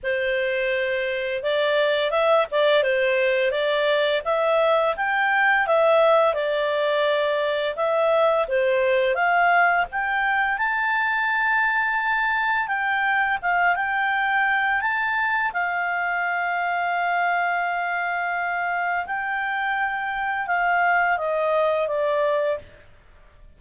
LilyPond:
\new Staff \with { instrumentName = "clarinet" } { \time 4/4 \tempo 4 = 85 c''2 d''4 e''8 d''8 | c''4 d''4 e''4 g''4 | e''4 d''2 e''4 | c''4 f''4 g''4 a''4~ |
a''2 g''4 f''8 g''8~ | g''4 a''4 f''2~ | f''2. g''4~ | g''4 f''4 dis''4 d''4 | }